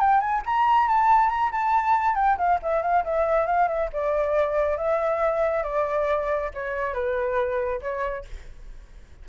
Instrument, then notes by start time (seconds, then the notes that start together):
flute
0.00 G5
0.20 G#5
0.46 A#5
0.88 A5
1.29 A#5
1.52 A5
2.15 G5
2.38 F5
2.62 E5
2.82 F5
3.04 E5
3.46 F5
3.68 E5
3.93 D5
4.77 E5
5.63 D5
6.54 C#5
6.93 B4
7.81 C#5